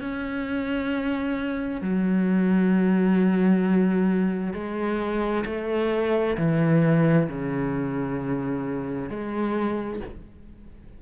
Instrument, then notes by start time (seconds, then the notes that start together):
cello
0.00 C#4
1.81 F#3
4.53 G#3
5.45 A3
6.37 E3
7.29 C#3
9.09 G#3